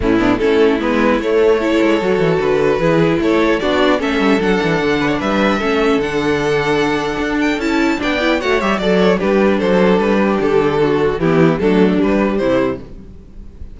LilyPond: <<
  \new Staff \with { instrumentName = "violin" } { \time 4/4 \tempo 4 = 150 e'4 a'4 b'4 cis''4~ | cis''2 b'2 | cis''4 d''4 e''4 fis''4~ | fis''4 e''2 fis''4~ |
fis''2~ fis''8 g''8 a''4 | g''4 fis''8 e''8 d''8 cis''8 b'4 | c''4 b'4 a'2 | g'4 a'4 b'4 c''4 | }
  \new Staff \with { instrumentName = "violin" } { \time 4/4 cis'8 d'8 e'2. | a'2. gis'4 | a'4 fis'4 a'2~ | a'8 b'16 cis''16 b'4 a'2~ |
a'1 | d''4 cis''4 d''4 g'4 | a'4. g'4. fis'4 | e'4 d'2 e'4 | }
  \new Staff \with { instrumentName = "viola" } { \time 4/4 a8 b8 cis'4 b4 a4 | e'4 fis'2 e'4~ | e'4 d'4 cis'4 d'4~ | d'2 cis'4 d'4~ |
d'2. e'4 | d'8 e'8 fis'8 g'8 a'4 d'4~ | d'1 | b4 a4 g2 | }
  \new Staff \with { instrumentName = "cello" } { \time 4/4 a,4 a4 gis4 a4~ | a8 gis8 fis8 e8 d4 e4 | a4 b4 a8 g8 fis8 e8 | d4 g4 a4 d4~ |
d2 d'4 cis'4 | b4 a8 g8 fis4 g4 | fis4 g4 d2 | e4 fis4 g4 c4 | }
>>